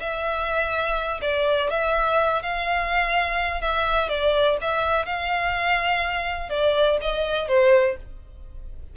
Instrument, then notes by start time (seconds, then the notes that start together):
violin
0.00 E5
1.22 D5
1.70 E5
2.43 F5
3.62 E5
4.09 D5
4.62 E5
5.06 F5
6.50 D5
7.02 D#5
7.49 C5